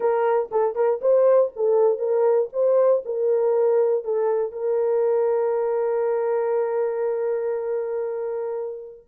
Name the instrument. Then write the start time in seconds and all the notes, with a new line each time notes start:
horn
0.00 A#4
0.51 A4
0.75 A#4
1.01 C5
1.56 A4
1.98 A#4
2.53 C5
3.05 A#4
4.04 A4
4.51 A#4